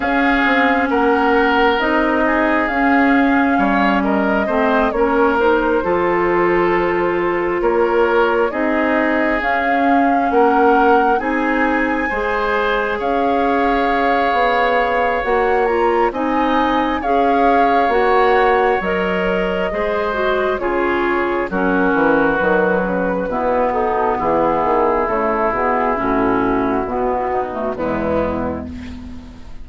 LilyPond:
<<
  \new Staff \with { instrumentName = "flute" } { \time 4/4 \tempo 4 = 67 f''4 fis''4 dis''4 f''4~ | f''8 dis''4 cis''8 c''2~ | c''8 cis''4 dis''4 f''4 fis''8~ | fis''8 gis''2 f''4.~ |
f''4 fis''8 ais''8 gis''4 f''4 | fis''4 dis''2 cis''4 | ais'4 b'4. a'8 gis'4 | a'8 gis'8 fis'2 e'4 | }
  \new Staff \with { instrumentName = "oboe" } { \time 4/4 gis'4 ais'4. gis'4. | cis''8 ais'8 c''8 ais'4 a'4.~ | a'8 ais'4 gis'2 ais'8~ | ais'8 gis'4 c''4 cis''4.~ |
cis''2 dis''4 cis''4~ | cis''2 c''4 gis'4 | fis'2 e'8 dis'8 e'4~ | e'2~ e'8 dis'8 b4 | }
  \new Staff \with { instrumentName = "clarinet" } { \time 4/4 cis'2 dis'4 cis'4~ | cis'4 c'8 cis'8 dis'8 f'4.~ | f'4. dis'4 cis'4.~ | cis'8 dis'4 gis'2~ gis'8~ |
gis'4 fis'8 f'8 dis'4 gis'4 | fis'4 ais'4 gis'8 fis'8 f'4 | cis'4 fis4 b2 | a8 b8 cis'4 b8. a16 gis4 | }
  \new Staff \with { instrumentName = "bassoon" } { \time 4/4 cis'8 c'8 ais4 c'4 cis'4 | g4 a8 ais4 f4.~ | f8 ais4 c'4 cis'4 ais8~ | ais8 c'4 gis4 cis'4. |
b4 ais4 c'4 cis'4 | ais4 fis4 gis4 cis4 | fis8 e8 dis8 cis8 b,4 e8 dis8 | cis8 b,8 a,4 b,4 e,4 | }
>>